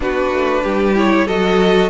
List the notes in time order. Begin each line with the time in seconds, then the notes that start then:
0.00 B3 D4 F#4 B4
0.32 A3
0.63 G3 G4
0.95 E4 C#5
1.26 F#3 F#4 A4 D#5